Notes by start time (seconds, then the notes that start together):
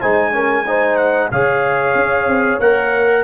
0.00 G#3 D#4 C5 G#5
0.33 C#4 A#4
0.67 D#4 C5
0.97 F#5
1.31 C#3 G#4 C#5 F5
1.95 C#4
2.27 C4
2.60 A#3 A#4 F#5